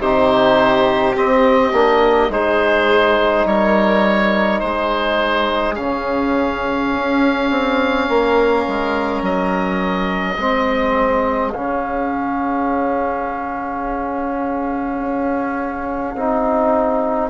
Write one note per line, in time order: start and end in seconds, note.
0.00 1.15 C3
0.00 1.15 D#4
0.00 2.31 G4
0.00 1.16 C5
1.15 1.73 C4
1.15 2.32 D#5
1.73 2.29 A#3
1.73 2.31 D4
2.29 3.45 G#3
2.29 5.76 D#4
2.29 3.47 G#4
2.29 3.47 C5
3.45 4.61 G3
3.45 4.62 A#4
3.45 4.60 C#5
4.60 5.78 G#3
4.60 8.08 G#4
4.60 5.75 C5
5.75 6.96 C#3
5.75 10.37 C#4
5.75 9.22 F5
6.96 7.50 C#4
7.50 8.08 C4
8.08 8.67 A#3
8.08 10.38 A#4
8.68 9.22 G#3
9.22 10.37 F#3
9.22 11.53 D#5
10.38 11.53 G#3
10.38 11.54 C4
10.38 17.30 G#4
11.53 15.00 C#3
11.53 16.16 C#4
11.53 17.30 F5
15.00 16.15 C#4
16.15 17.30 C4
16.15 17.30 D#4